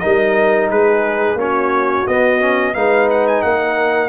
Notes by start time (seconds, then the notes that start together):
0.00 G3 D#4 A#4 D#5
0.71 G#3 G#4 B4
1.35 A#3 C#4 F#4 C#5
2.07 B3 D#5
2.41 C#4
2.75 G#3 D#4 B4 F5
3.11 F#5
3.28 G#5
3.42 A#3 A#4 F#5